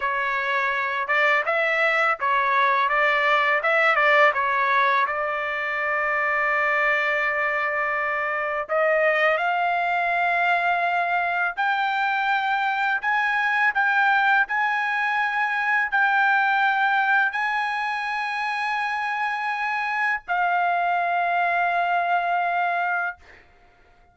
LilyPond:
\new Staff \with { instrumentName = "trumpet" } { \time 4/4 \tempo 4 = 83 cis''4. d''8 e''4 cis''4 | d''4 e''8 d''8 cis''4 d''4~ | d''1 | dis''4 f''2. |
g''2 gis''4 g''4 | gis''2 g''2 | gis''1 | f''1 | }